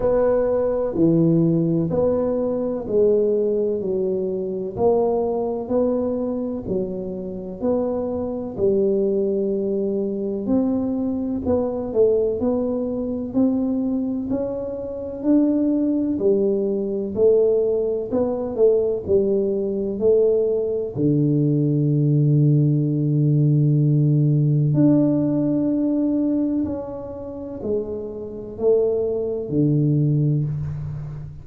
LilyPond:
\new Staff \with { instrumentName = "tuba" } { \time 4/4 \tempo 4 = 63 b4 e4 b4 gis4 | fis4 ais4 b4 fis4 | b4 g2 c'4 | b8 a8 b4 c'4 cis'4 |
d'4 g4 a4 b8 a8 | g4 a4 d2~ | d2 d'2 | cis'4 gis4 a4 d4 | }